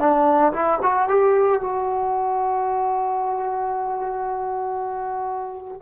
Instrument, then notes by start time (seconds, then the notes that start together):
trombone
0.00 D4
0.53 E4
0.83 F#4
1.09 G4
1.61 F#4